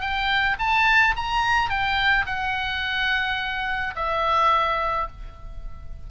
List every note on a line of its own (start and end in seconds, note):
0.00 0.56 G5
0.58 1.14 A5
1.16 1.69 A#5
1.69 2.25 G5
2.26 3.94 F#5
3.95 5.07 E5